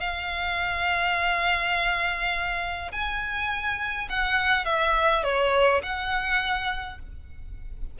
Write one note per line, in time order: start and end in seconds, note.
0.00 2.91 F5
2.92 4.09 G#5
4.10 4.65 F#5
4.65 5.23 E5
5.23 5.82 C#5
5.83 6.99 F#5